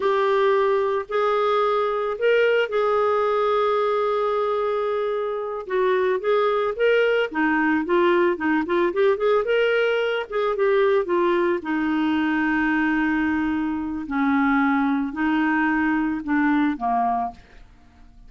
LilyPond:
\new Staff \with { instrumentName = "clarinet" } { \time 4/4 \tempo 4 = 111 g'2 gis'2 | ais'4 gis'2.~ | gis'2~ gis'8 fis'4 gis'8~ | gis'8 ais'4 dis'4 f'4 dis'8 |
f'8 g'8 gis'8 ais'4. gis'8 g'8~ | g'8 f'4 dis'2~ dis'8~ | dis'2 cis'2 | dis'2 d'4 ais4 | }